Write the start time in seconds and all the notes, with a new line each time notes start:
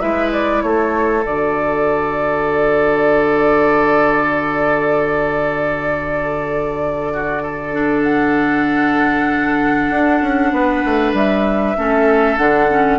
0.00 G#3 E4 B4 E5
0.33 D5
0.63 A3 A4 C#5
1.24 D3 F#4 D5
7.14 F#4
7.43 A4
7.73 D4
8.04 F#5
9.91 D4
10.22 C#4
10.53 B3 B4
10.85 A3
11.14 G3 E5
11.78 A3 C#4 A4
12.38 D3 D4 F#5
12.70 C#4